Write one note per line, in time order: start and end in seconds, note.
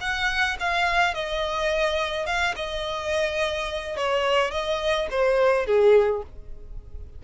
0.00 0.57 F#5
0.59 1.14 F5
1.14 2.26 D#5
2.26 2.54 F5
2.55 3.96 D#5
3.96 4.51 C#5
4.51 5.07 D#5
5.10 5.66 C5
5.66 6.22 G#4